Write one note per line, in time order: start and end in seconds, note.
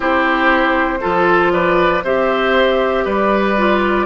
0.00 0.99 C4
0.00 0.99 E4
0.00 0.98 G4
0.00 1.52 C5
1.01 2.03 F3
1.01 2.03 F4
1.01 1.52 A4
1.52 2.04 B4
1.52 2.03 D5
2.03 3.05 C4
2.03 3.57 G4
2.03 3.04 C5
2.03 3.06 E5
3.04 4.06 G3
3.04 4.06 B4
3.04 4.06 D5
3.57 4.06 F4